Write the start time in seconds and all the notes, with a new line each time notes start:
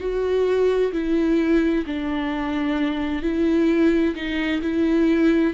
0.00 F#4
0.93 E4
1.86 D4
3.23 E4
4.15 D#4
4.62 E4